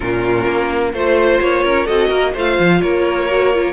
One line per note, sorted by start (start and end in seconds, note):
0.00 0.46 A#2
0.00 0.93 C#4
0.00 0.93 F4
0.00 0.94 A#4
0.46 0.93 A#3
0.93 1.40 A3
0.93 1.87 F4
0.93 1.63 C5
0.93 1.41 C5
1.41 1.64 A#3
1.41 1.86 C#5
1.63 1.88 C#4
1.63 1.85 A#4
1.85 2.10 C4
1.85 2.33 F#4
1.85 2.08 A4
1.85 2.33 D#5
2.08 2.33 A#3
2.08 2.31 A#4
2.33 2.58 A3
2.33 3.29 F4
2.33 2.80 C5
2.33 2.81 F5
2.59 2.82 F3
2.81 3.73 A#3
2.81 3.73 A#4
2.81 3.73 C#5
3.29 3.53 F#4
3.54 3.73 F4